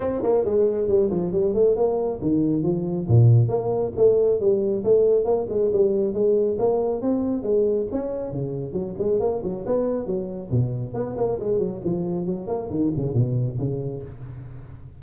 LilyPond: \new Staff \with { instrumentName = "tuba" } { \time 4/4 \tempo 4 = 137 c'8 ais8 gis4 g8 f8 g8 a8 | ais4 dis4 f4 ais,4 | ais4 a4 g4 a4 | ais8 gis8 g4 gis4 ais4 |
c'4 gis4 cis'4 cis4 | fis8 gis8 ais8 fis8 b4 fis4 | b,4 b8 ais8 gis8 fis8 f4 | fis8 ais8 dis8 cis8 b,4 cis4 | }